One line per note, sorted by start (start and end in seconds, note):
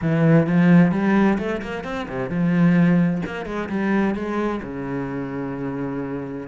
0.01 0.46 E3
0.46 0.91 F3
0.91 1.37 G3
1.38 1.61 A3
1.62 1.84 A#3
1.84 2.07 C4
2.08 2.29 C3
2.29 3.22 F3
3.26 3.45 A#3
3.45 3.68 G#3
3.69 4.14 G3
4.14 4.60 G#3
4.63 6.47 C#3